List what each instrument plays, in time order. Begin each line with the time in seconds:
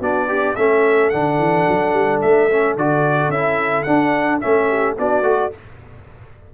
0.00 tuba B3, trombone D4, horn F#4, trumpet D5
0.28 horn D4, trombone G4
0.56 tuba A3, trombone C#4, horn A4, trumpet E5
1.10 tuba D3, trombone D4, trumpet F#5
1.38 tuba E3
1.69 tuba F#3
1.93 tuba G3
2.21 tuba A3, trumpet E5
2.51 trombone C#4
2.77 tuba D3, trombone F#4, trumpet D5
3.29 tuba C#4, trombone E4, trumpet E5
3.83 trombone D4, tuba D4, trumpet F#5
4.41 tuba A3, trombone C#4, trumpet E5
4.68 horn G4
4.97 tuba B3, trombone D4, horn F#4, trumpet D5
5.22 tuba A3, trombone F#4